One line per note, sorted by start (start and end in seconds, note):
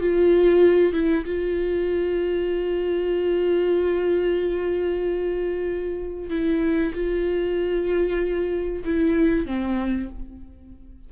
0.00 0.93 F4
0.93 1.24 E4
1.25 6.30 F4
6.30 6.93 E4
6.94 8.84 F4
8.84 9.46 E4
9.46 10.09 C4